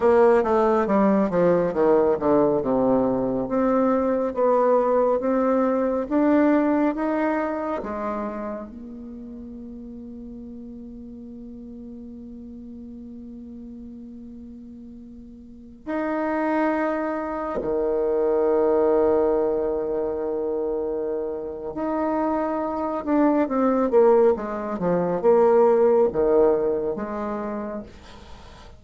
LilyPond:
\new Staff \with { instrumentName = "bassoon" } { \time 4/4 \tempo 4 = 69 ais8 a8 g8 f8 dis8 d8 c4 | c'4 b4 c'4 d'4 | dis'4 gis4 ais2~ | ais1~ |
ais2~ ais16 dis'4.~ dis'16~ | dis'16 dis2.~ dis8.~ | dis4 dis'4. d'8 c'8 ais8 | gis8 f8 ais4 dis4 gis4 | }